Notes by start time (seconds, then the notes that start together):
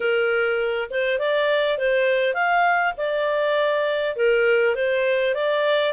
0.00 A#4
0.90 C5
1.19 D5
1.78 C5
2.34 F5
2.97 D5
4.16 A#4
4.75 C5
5.34 D5